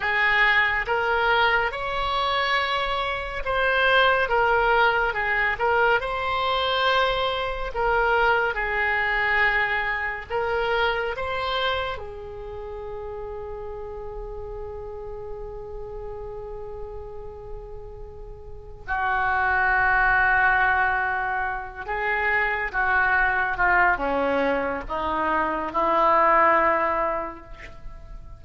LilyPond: \new Staff \with { instrumentName = "oboe" } { \time 4/4 \tempo 4 = 70 gis'4 ais'4 cis''2 | c''4 ais'4 gis'8 ais'8 c''4~ | c''4 ais'4 gis'2 | ais'4 c''4 gis'2~ |
gis'1~ | gis'2 fis'2~ | fis'4. gis'4 fis'4 f'8 | cis'4 dis'4 e'2 | }